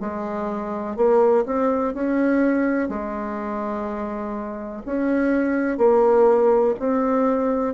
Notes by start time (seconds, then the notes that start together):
0.00 G#3
0.96 A#3
1.46 C4
1.94 C#4
2.89 G#3
4.86 C#4
5.78 A#3
6.79 C4